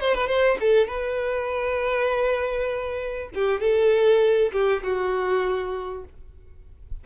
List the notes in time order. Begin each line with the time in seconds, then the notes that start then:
0.00 C5
0.14 B4
0.27 C5
0.60 A4
0.87 B4
3.34 G4
3.60 A4
4.52 G4
4.82 F#4